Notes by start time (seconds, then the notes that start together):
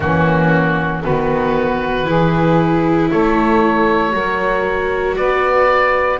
0.00 E3 A#3 C#4 F#4
1.03 D#3 B3 F#4 B4
2.05 E3 E4 G#4
3.10 A3 A4 C#5
4.10 F#3 F#4 A#4
5.16 B3 B4 D5